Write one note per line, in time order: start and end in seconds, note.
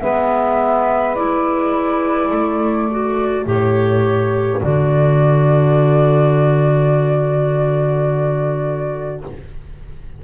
0.00 2.31 G#3
0.00 1.15 B3
0.00 2.29 B4
0.00 1.15 E5
1.15 2.88 E4
1.15 3.45 D5
2.29 3.46 A3
2.29 9.22 A4
2.90 3.45 F#4
3.45 4.61 A2
3.45 4.60 G4
3.45 4.61 C#5
4.61 9.24 D3
4.61 9.23 F#4
4.61 9.23 D5